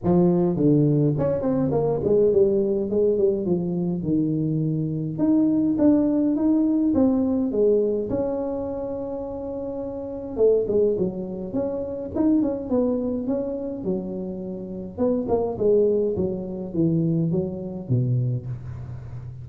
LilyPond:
\new Staff \with { instrumentName = "tuba" } { \time 4/4 \tempo 4 = 104 f4 d4 cis'8 c'8 ais8 gis8 | g4 gis8 g8 f4 dis4~ | dis4 dis'4 d'4 dis'4 | c'4 gis4 cis'2~ |
cis'2 a8 gis8 fis4 | cis'4 dis'8 cis'8 b4 cis'4 | fis2 b8 ais8 gis4 | fis4 e4 fis4 b,4 | }